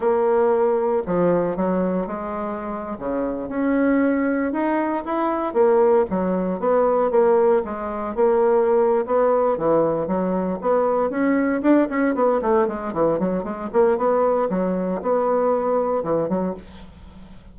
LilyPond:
\new Staff \with { instrumentName = "bassoon" } { \time 4/4 \tempo 4 = 116 ais2 f4 fis4 | gis4.~ gis16 cis4 cis'4~ cis'16~ | cis'8. dis'4 e'4 ais4 fis16~ | fis8. b4 ais4 gis4 ais16~ |
ais4. b4 e4 fis8~ | fis8 b4 cis'4 d'8 cis'8 b8 | a8 gis8 e8 fis8 gis8 ais8 b4 | fis4 b2 e8 fis8 | }